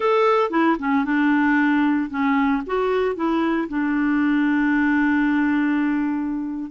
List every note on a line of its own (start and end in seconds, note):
0.00 0.50 A4
0.50 0.76 E4
0.79 1.05 C#4
1.05 2.09 D4
2.09 2.62 C#4
2.66 3.15 F#4
3.15 3.68 E4
3.68 6.70 D4